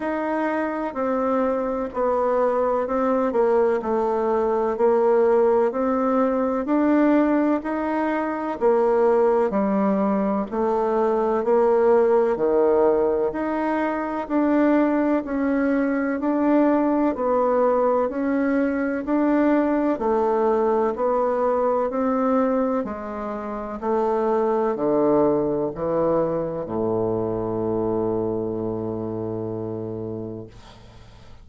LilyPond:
\new Staff \with { instrumentName = "bassoon" } { \time 4/4 \tempo 4 = 63 dis'4 c'4 b4 c'8 ais8 | a4 ais4 c'4 d'4 | dis'4 ais4 g4 a4 | ais4 dis4 dis'4 d'4 |
cis'4 d'4 b4 cis'4 | d'4 a4 b4 c'4 | gis4 a4 d4 e4 | a,1 | }